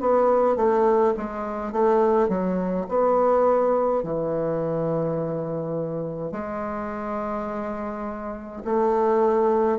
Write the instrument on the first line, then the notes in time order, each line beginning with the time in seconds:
bassoon
0.00 B3
0.56 A3
1.17 G#3
1.73 A3
2.29 F#3
2.88 B3
4.03 E3
6.32 G#3
8.65 A3